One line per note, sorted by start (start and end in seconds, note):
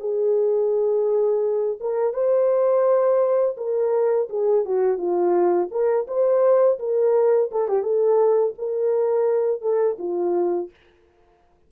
0.00 1.79 G#4
1.81 2.14 A#4
2.14 3.57 C5
3.57 4.29 A#4
4.30 4.65 G#4
4.65 4.98 F#4
4.98 5.69 F4
5.71 6.07 A#4
6.07 6.79 C5
6.79 7.51 A#4
7.52 7.69 A4
7.69 7.83 G4
7.83 8.54 A4
8.58 9.62 A#4
9.62 9.97 A4
9.99 10.70 F4